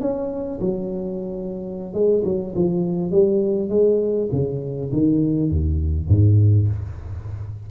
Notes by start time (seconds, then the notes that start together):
0.00 C#4
0.60 F#3
1.93 G#3
2.24 F#3
2.55 F3
3.11 G3
3.69 G#3
4.32 C#3
4.92 D#3
5.50 D#2
6.08 G#2